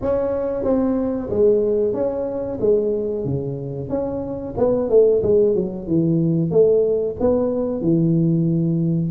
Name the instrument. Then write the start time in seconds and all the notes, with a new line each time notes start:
tuba
0.01 C#4
0.63 C4
1.30 G#3
1.93 C#4
2.60 G#3
3.24 C#3
3.89 C#4
4.57 B3
4.89 A3
5.22 G#3
5.55 F#3
5.87 E3
6.50 A3
7.19 B3
7.81 E3